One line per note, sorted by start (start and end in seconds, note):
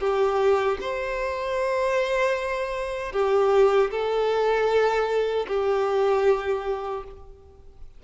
0.00 0.78 G4
0.81 3.12 C5
3.12 3.90 G4
3.91 5.47 A4
5.48 7.04 G4